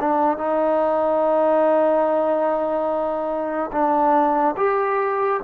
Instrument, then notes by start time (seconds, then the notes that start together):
trombone
0.00 D4
0.37 D#4
3.72 D4
4.57 G4